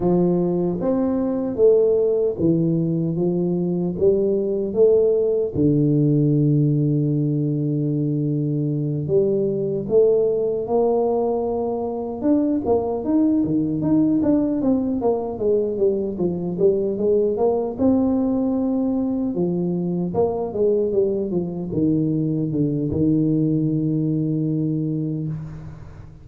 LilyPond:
\new Staff \with { instrumentName = "tuba" } { \time 4/4 \tempo 4 = 76 f4 c'4 a4 e4 | f4 g4 a4 d4~ | d2.~ d8 g8~ | g8 a4 ais2 d'8 |
ais8 dis'8 dis8 dis'8 d'8 c'8 ais8 gis8 | g8 f8 g8 gis8 ais8 c'4.~ | c'8 f4 ais8 gis8 g8 f8 dis8~ | dis8 d8 dis2. | }